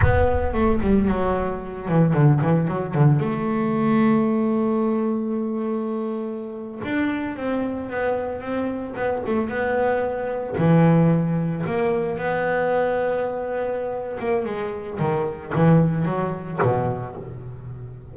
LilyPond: \new Staff \with { instrumentName = "double bass" } { \time 4/4 \tempo 4 = 112 b4 a8 g8 fis4. e8 | d8 e8 fis8 d8 a2~ | a1~ | a8. d'4 c'4 b4 c'16~ |
c'8. b8 a8 b2 e16~ | e4.~ e16 ais4 b4~ b16~ | b2~ b8 ais8 gis4 | dis4 e4 fis4 b,4 | }